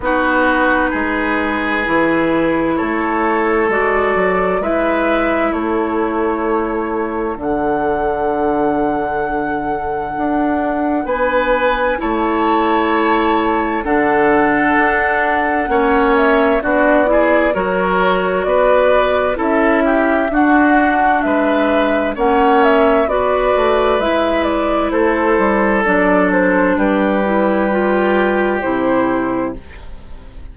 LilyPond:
<<
  \new Staff \with { instrumentName = "flute" } { \time 4/4 \tempo 4 = 65 b'2. cis''4 | d''4 e''4 cis''2 | fis''1 | gis''4 a''2 fis''4~ |
fis''4. e''8 d''4 cis''4 | d''4 e''4 fis''4 e''4 | fis''8 e''8 d''4 e''8 d''8 c''4 | d''8 c''8 b'2 c''4 | }
  \new Staff \with { instrumentName = "oboe" } { \time 4/4 fis'4 gis'2 a'4~ | a'4 b'4 a'2~ | a'1 | b'4 cis''2 a'4~ |
a'4 cis''4 fis'8 gis'8 ais'4 | b'4 a'8 g'8 fis'4 b'4 | cis''4 b'2 a'4~ | a'4 g'2. | }
  \new Staff \with { instrumentName = "clarinet" } { \time 4/4 dis'2 e'2 | fis'4 e'2. | d'1~ | d'4 e'2 d'4~ |
d'4 cis'4 d'8 e'8 fis'4~ | fis'4 e'4 d'2 | cis'4 fis'4 e'2 | d'4. e'8 f'4 e'4 | }
  \new Staff \with { instrumentName = "bassoon" } { \time 4/4 b4 gis4 e4 a4 | gis8 fis8 gis4 a2 | d2. d'4 | b4 a2 d4 |
d'4 ais4 b4 fis4 | b4 cis'4 d'4 gis4 | ais4 b8 a8 gis4 a8 g8 | fis4 g2 c4 | }
>>